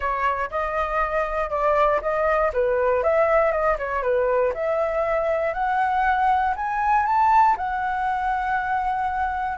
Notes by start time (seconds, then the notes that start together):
0.00 C#5
0.50 D#5
1.50 D5
2.01 D#5
2.53 B4
3.03 E5
3.51 D#5
3.78 C#5
4.02 B4
4.54 E5
5.53 F#5
6.55 G#5
7.06 A5
7.57 F#5